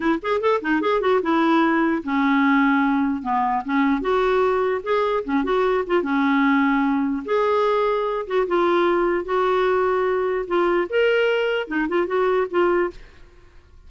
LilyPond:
\new Staff \with { instrumentName = "clarinet" } { \time 4/4 \tempo 4 = 149 e'8 gis'8 a'8 dis'8 gis'8 fis'8 e'4~ | e'4 cis'2. | b4 cis'4 fis'2 | gis'4 cis'8 fis'4 f'8 cis'4~ |
cis'2 gis'2~ | gis'8 fis'8 f'2 fis'4~ | fis'2 f'4 ais'4~ | ais'4 dis'8 f'8 fis'4 f'4 | }